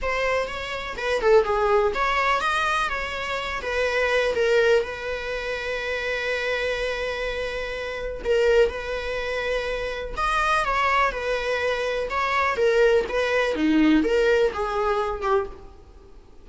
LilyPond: \new Staff \with { instrumentName = "viola" } { \time 4/4 \tempo 4 = 124 c''4 cis''4 b'8 a'8 gis'4 | cis''4 dis''4 cis''4. b'8~ | b'4 ais'4 b'2~ | b'1~ |
b'4 ais'4 b'2~ | b'4 dis''4 cis''4 b'4~ | b'4 cis''4 ais'4 b'4 | dis'4 ais'4 gis'4. g'8 | }